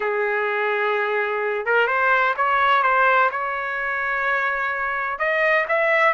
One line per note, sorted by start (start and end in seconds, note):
0.00 1.65 G#4
1.65 1.87 A#4
1.87 2.34 C5
2.36 2.82 C#5
2.82 3.29 C5
3.31 5.18 C#5
5.18 5.66 D#5
5.68 6.13 E5